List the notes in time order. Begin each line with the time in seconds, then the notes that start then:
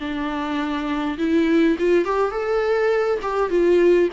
0.00 D4
1.18 E4
1.79 F4
2.05 G4
2.31 A4
3.22 G4
3.50 F4